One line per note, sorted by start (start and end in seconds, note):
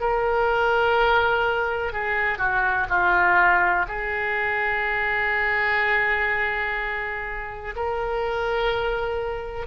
0.00 1.93 A#4
1.93 2.38 G#4
2.38 2.87 F#4
2.89 3.86 F4
3.88 7.75 G#4
7.76 9.66 A#4